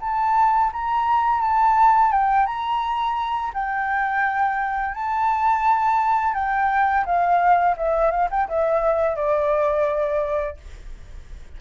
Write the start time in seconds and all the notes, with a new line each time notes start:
0.00 A5
0.72 A#5
1.41 A5
2.11 G5
2.46 A#5
3.54 G5
4.94 A5
6.34 G5
7.05 F5
7.76 E5
8.11 F5
8.30 G5
8.48 E5
9.15 D5